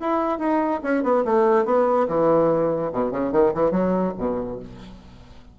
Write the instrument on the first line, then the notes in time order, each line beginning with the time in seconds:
bassoon
0.00 E4
0.39 D#4
0.83 C#4
1.03 B3
1.25 A3
1.65 B3
2.08 E3
2.92 B2
3.11 C#3
3.32 D#3
3.54 E3
3.71 F#3
4.18 B2